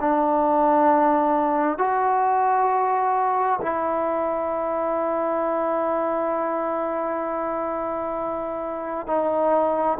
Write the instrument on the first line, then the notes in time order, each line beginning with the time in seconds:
trombone
0.00 D4
1.78 F#4
3.62 E4
9.07 D#4